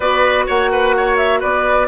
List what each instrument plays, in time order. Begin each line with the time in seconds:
0.00 bassoon B3, clarinet F#4, oboe B4, flute D5
0.46 bassoon A#3, oboe C#5, flute F#5
0.71 oboe B4
0.96 oboe C#5
1.17 flute E5
1.39 bassoon B3, oboe B4, flute D5